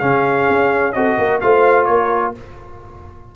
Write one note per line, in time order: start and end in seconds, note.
0.00 0.49 C#3
0.00 0.94 C#4
0.00 0.94 G#4
0.00 0.93 F5
0.50 0.95 C#4
0.93 1.18 C4
0.93 1.42 F#4
0.93 1.18 A4
0.93 1.39 D#5
1.18 1.42 A#3
1.18 1.42 A#4
1.41 1.88 A3
1.41 2.35 F4
1.41 1.89 C5
1.41 1.85 F5
1.85 2.35 A#3
1.85 2.36 A#4
1.85 2.32 C#5